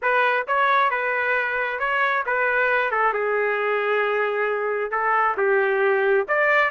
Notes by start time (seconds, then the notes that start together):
0.02 B4
0.47 C#5
0.90 B4
1.79 C#5
2.26 B4
2.91 A4
3.13 G#4
4.91 A4
5.37 G4
6.27 D5